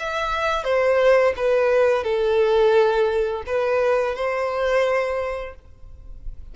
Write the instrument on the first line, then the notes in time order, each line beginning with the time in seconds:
violin
0.00 E5
0.64 C5
1.37 B4
2.04 A4
3.47 B4
4.15 C5